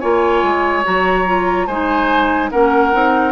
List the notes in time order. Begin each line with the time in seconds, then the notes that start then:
0.00 A#3 F4 C#5 G#5
0.43 G#3
0.84 F#3 F#4 A#5
1.26 F4
1.67 G#3 D#4 C5 G#5
2.51 A#3 C#4 A#4 F#5
2.93 C4 D#4